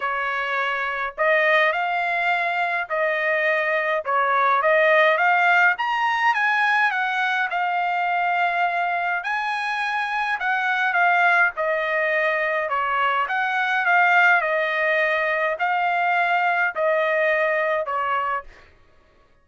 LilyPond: \new Staff \with { instrumentName = "trumpet" } { \time 4/4 \tempo 4 = 104 cis''2 dis''4 f''4~ | f''4 dis''2 cis''4 | dis''4 f''4 ais''4 gis''4 | fis''4 f''2. |
gis''2 fis''4 f''4 | dis''2 cis''4 fis''4 | f''4 dis''2 f''4~ | f''4 dis''2 cis''4 | }